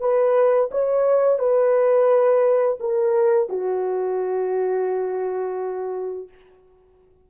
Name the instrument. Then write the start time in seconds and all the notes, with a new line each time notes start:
horn
0.00 B4
0.71 C#5
1.39 B4
2.80 A#4
3.49 F#4